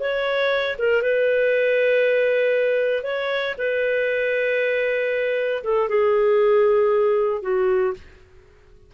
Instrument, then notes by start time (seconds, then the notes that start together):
clarinet
0.00 C#5
0.79 A#4
1.03 B4
3.04 C#5
3.58 B4
5.64 A4
5.89 G#4
7.42 F#4